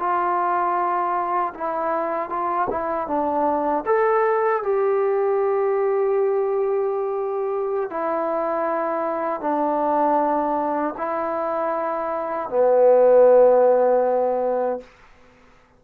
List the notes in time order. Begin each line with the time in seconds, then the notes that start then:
0.00 F4
1.55 E4
2.30 F4
2.70 E4
3.08 D4
3.86 A4
4.64 G4
7.91 E4
9.41 D4
10.98 E4
12.50 B3